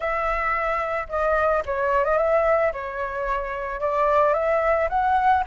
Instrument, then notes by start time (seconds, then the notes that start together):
flute
0.00 E5
1.08 D#5
1.65 C#5
2.04 D#5
2.17 E5
2.72 C#5
3.80 D5
4.33 E5
4.89 F#5